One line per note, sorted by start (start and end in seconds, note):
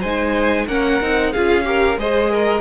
0.00 0.67 G#3
0.00 0.68 D#4
0.00 0.65 C5
0.00 0.66 G#5
0.67 1.00 A#3
0.67 1.01 C#4
0.67 1.32 A#4
0.67 1.32 F#5
1.01 1.33 C4
1.01 1.34 D#4
1.32 1.97 C#4
1.32 1.63 F4
1.32 1.65 G#4
1.32 1.98 F5
1.63 1.96 G4
1.63 1.99 A#4
1.97 2.61 G#3
1.97 2.61 G#4
1.97 2.31 C5
1.97 2.61 D#5
2.31 2.61 A#4